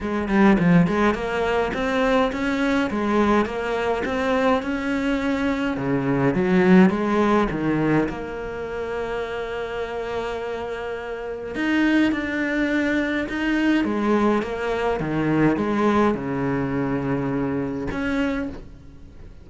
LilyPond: \new Staff \with { instrumentName = "cello" } { \time 4/4 \tempo 4 = 104 gis8 g8 f8 gis8 ais4 c'4 | cis'4 gis4 ais4 c'4 | cis'2 cis4 fis4 | gis4 dis4 ais2~ |
ais1 | dis'4 d'2 dis'4 | gis4 ais4 dis4 gis4 | cis2. cis'4 | }